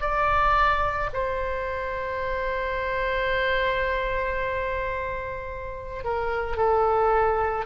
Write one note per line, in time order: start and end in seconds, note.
0.00 1.09 D5
1.13 6.04 C5
6.04 6.57 A#4
6.57 7.66 A4